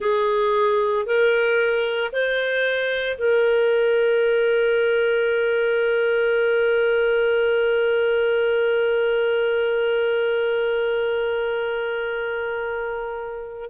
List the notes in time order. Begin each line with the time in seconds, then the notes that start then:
0.00 G#4
1.06 A#4
2.12 C5
3.18 A#4